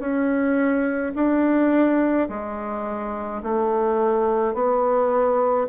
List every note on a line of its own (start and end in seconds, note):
0.00 1.13 C#4
1.16 2.29 D4
2.30 3.43 G#3
3.43 4.55 A3
4.55 5.68 B3